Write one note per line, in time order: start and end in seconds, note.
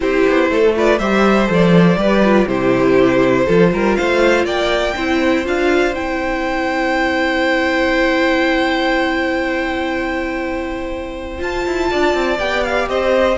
0.00 0.25 C4
0.00 0.72 E4
0.00 0.50 G4
0.00 0.75 C5
0.27 0.50 B3
0.50 0.99 A3
0.50 0.75 A4
0.75 1.00 F4
0.75 0.99 B4
0.75 0.98 D5
0.98 1.48 G3
0.98 1.46 G4
0.98 1.98 C5
0.98 1.48 E5
1.46 1.96 F3
1.46 1.96 A4
1.53 2.48 D5
1.96 2.46 G3
1.96 2.22 G4
1.96 2.48 B4
2.24 2.48 F4
2.47 3.46 C3
2.47 3.47 E4
2.47 3.45 G4
2.47 3.95 C5
3.45 3.72 F3
3.45 4.96 F4
3.45 3.70 A4
3.72 3.97 G3
3.72 3.97 A#4
3.95 4.44 A3
3.95 4.45 C5
3.95 4.44 F5
4.44 4.94 A#3
4.44 4.94 D5
4.44 5.46 G5
4.95 5.46 C4
4.95 5.44 E4
4.95 11.89 C5
5.44 5.94 D4
5.44 5.94 F4
5.44 5.95 F5
5.94 11.40 C4
5.94 11.38 E4
5.94 11.40 G5
11.38 12.37 F4
11.38 11.64 F4
11.38 12.39 A5
11.66 11.91 E4
11.90 12.14 D4
11.90 12.89 D5
12.14 12.38 C4
12.39 12.88 B3
12.39 13.37 G4
12.39 12.63 G5
12.63 12.88 F5
12.88 13.37 C4
12.88 13.37 C5
12.88 13.37 D#5